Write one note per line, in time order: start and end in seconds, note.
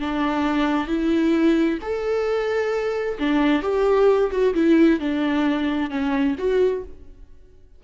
0.00 0.88 D4
0.88 1.79 E4
1.82 3.18 A4
3.19 3.62 D4
3.62 4.31 G4
4.31 4.54 F#4
4.55 5.00 E4
5.00 5.90 D4
5.90 6.36 C#4
6.38 6.84 F#4